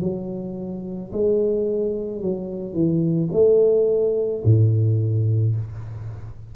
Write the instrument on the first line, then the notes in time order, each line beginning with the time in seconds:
tuba
0.00 F#3
1.12 G#3
2.21 F#3
2.73 E3
3.32 A3
4.44 A2